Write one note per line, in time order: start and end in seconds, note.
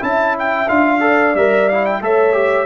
0.00 0.69 C#4
0.00 0.67 E4
0.00 1.00 E5
0.00 0.37 A5
0.39 0.69 G5
0.69 1.35 D4
0.69 1.00 F4
0.69 1.35 F5
1.00 1.34 A4
1.00 2.02 D5
1.35 2.01 G3
1.35 1.71 A#4
1.35 1.69 E5
1.69 2.02 E4
1.69 1.85 F5
1.85 2.02 G5
2.01 2.66 A3
2.01 2.33 A4
2.01 2.66 C#5
2.01 2.66 E5
2.33 2.66 G4